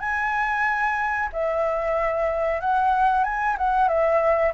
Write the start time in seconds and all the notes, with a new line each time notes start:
0.00 G#5
1.33 E5
2.61 F#5
3.24 G#5
3.58 F#5
3.88 E5